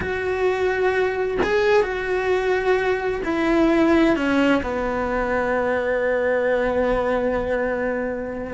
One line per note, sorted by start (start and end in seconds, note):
0.00 1.37 F#4
1.43 1.83 G#4
1.83 3.21 F#4
3.24 4.15 E4
4.15 4.62 C#4
4.62 8.54 B3